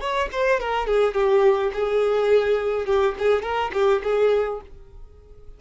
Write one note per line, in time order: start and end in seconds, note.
0.00 0.29 C#5
0.32 0.60 C5
0.60 0.87 A#4
0.87 1.14 G#4
1.14 1.71 G4
1.73 2.86 G#4
2.86 3.15 G4
3.19 3.42 G#4
3.42 3.71 A#4
3.73 4.02 G4
4.03 4.61 G#4